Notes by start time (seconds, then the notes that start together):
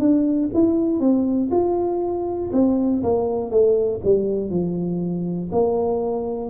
0.00 D4
0.54 E4
1.00 C4
1.51 F4
2.53 C4
3.03 A#3
3.51 A3
4.05 G3
4.50 F3
5.52 A#3